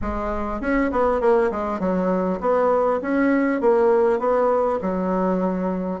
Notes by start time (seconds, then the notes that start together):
0.01 G#3
0.60 C#4
0.91 B3
1.21 A#3
1.51 G#3
1.79 F#3
2.40 B3
3.01 C#4
3.61 A#3
4.19 B3
4.81 F#3